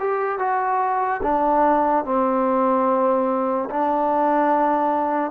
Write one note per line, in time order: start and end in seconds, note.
0.00 0.39 G4
0.39 1.21 F#4
1.23 2.05 D4
2.05 3.69 C4
3.70 5.32 D4